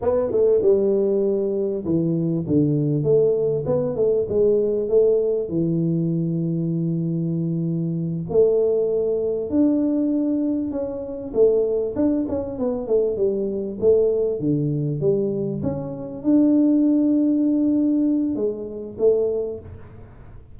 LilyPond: \new Staff \with { instrumentName = "tuba" } { \time 4/4 \tempo 4 = 98 b8 a8 g2 e4 | d4 a4 b8 a8 gis4 | a4 e2.~ | e4. a2 d'8~ |
d'4. cis'4 a4 d'8 | cis'8 b8 a8 g4 a4 d8~ | d8 g4 cis'4 d'4.~ | d'2 gis4 a4 | }